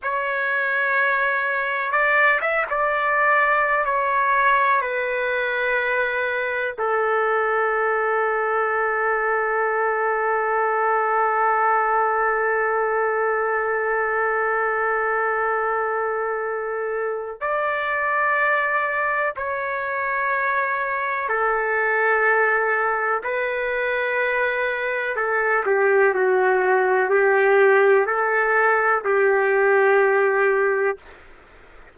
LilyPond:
\new Staff \with { instrumentName = "trumpet" } { \time 4/4 \tempo 4 = 62 cis''2 d''8 e''16 d''4~ d''16 | cis''4 b'2 a'4~ | a'1~ | a'1~ |
a'2 d''2 | cis''2 a'2 | b'2 a'8 g'8 fis'4 | g'4 a'4 g'2 | }